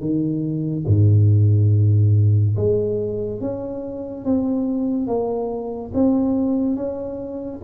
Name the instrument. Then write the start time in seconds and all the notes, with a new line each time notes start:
tuba
0.00 D#3
0.87 G#2
2.56 G#3
3.41 C#4
4.24 C4
5.07 A#3
5.94 C4
6.76 C#4